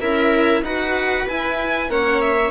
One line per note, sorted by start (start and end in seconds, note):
0.00 0.61 C#4
0.00 0.63 E4
0.00 0.64 A#4
0.00 0.64 E5
0.61 1.24 D#4
0.61 1.28 F#4
0.61 1.91 B4
0.61 1.27 F#5
1.28 1.89 E4
1.28 1.88 E4
1.28 1.91 G#5
1.88 2.51 A#3
1.88 2.51 C#4
1.88 2.51 C#5
1.88 2.21 F#5
2.21 2.51 E5